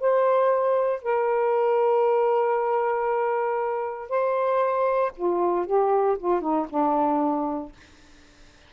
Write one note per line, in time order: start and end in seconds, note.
0.00 1.02 C5
1.02 4.09 A#4
4.09 5.11 C5
5.16 5.66 F4
5.66 6.17 G4
6.18 6.41 F4
6.41 6.66 D#4
6.69 7.72 D4